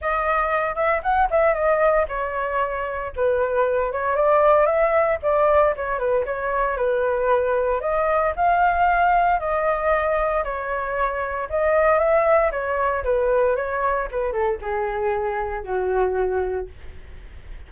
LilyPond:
\new Staff \with { instrumentName = "flute" } { \time 4/4 \tempo 4 = 115 dis''4. e''8 fis''8 e''8 dis''4 | cis''2 b'4. cis''8 | d''4 e''4 d''4 cis''8 b'8 | cis''4 b'2 dis''4 |
f''2 dis''2 | cis''2 dis''4 e''4 | cis''4 b'4 cis''4 b'8 a'8 | gis'2 fis'2 | }